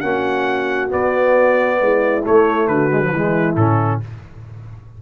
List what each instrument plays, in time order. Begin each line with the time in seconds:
0.00 tuba A#3, trombone C#4, horn F#4, trumpet F#5
0.89 trombone B3, tuba B3, trumpet D5
1.81 tuba G#3, horn E4
2.24 trombone A3, tuba A3, trumpet C#5
2.67 tuba D3, horn F#4, trumpet B4
2.91 trombone G#3
3.01 trombone F#3
3.10 tuba E3, trombone G#3, horn E4
3.56 tuba A2, trombone C#4, trumpet A4